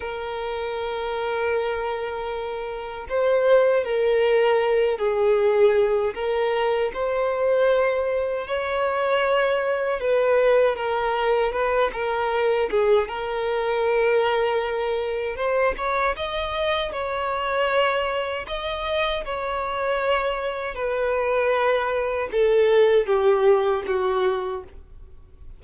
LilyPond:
\new Staff \with { instrumentName = "violin" } { \time 4/4 \tempo 4 = 78 ais'1 | c''4 ais'4. gis'4. | ais'4 c''2 cis''4~ | cis''4 b'4 ais'4 b'8 ais'8~ |
ais'8 gis'8 ais'2. | c''8 cis''8 dis''4 cis''2 | dis''4 cis''2 b'4~ | b'4 a'4 g'4 fis'4 | }